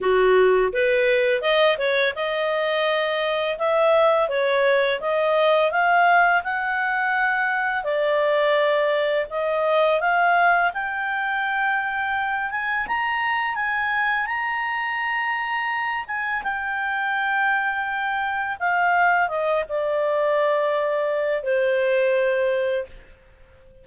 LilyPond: \new Staff \with { instrumentName = "clarinet" } { \time 4/4 \tempo 4 = 84 fis'4 b'4 dis''8 cis''8 dis''4~ | dis''4 e''4 cis''4 dis''4 | f''4 fis''2 d''4~ | d''4 dis''4 f''4 g''4~ |
g''4. gis''8 ais''4 gis''4 | ais''2~ ais''8 gis''8 g''4~ | g''2 f''4 dis''8 d''8~ | d''2 c''2 | }